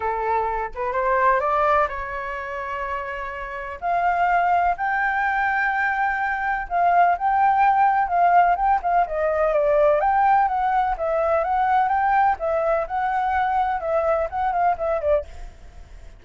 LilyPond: \new Staff \with { instrumentName = "flute" } { \time 4/4 \tempo 4 = 126 a'4. b'8 c''4 d''4 | cis''1 | f''2 g''2~ | g''2 f''4 g''4~ |
g''4 f''4 g''8 f''8 dis''4 | d''4 g''4 fis''4 e''4 | fis''4 g''4 e''4 fis''4~ | fis''4 e''4 fis''8 f''8 e''8 d''8 | }